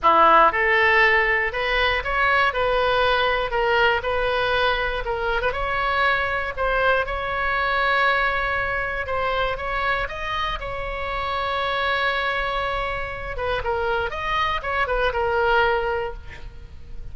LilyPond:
\new Staff \with { instrumentName = "oboe" } { \time 4/4 \tempo 4 = 119 e'4 a'2 b'4 | cis''4 b'2 ais'4 | b'2 ais'8. b'16 cis''4~ | cis''4 c''4 cis''2~ |
cis''2 c''4 cis''4 | dis''4 cis''2.~ | cis''2~ cis''8 b'8 ais'4 | dis''4 cis''8 b'8 ais'2 | }